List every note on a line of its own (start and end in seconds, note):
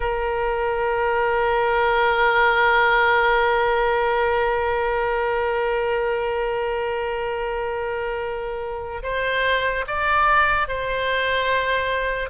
0.00 9.02 A#4
9.03 9.85 C5
9.87 10.68 D5
10.68 12.29 C5